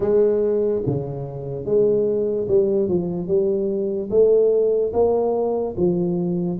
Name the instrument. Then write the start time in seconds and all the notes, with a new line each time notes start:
tuba
0.00 G#3
0.86 C#3
1.65 G#3
2.48 G3
2.88 F3
3.27 G3
4.10 A3
4.93 A#3
5.76 F3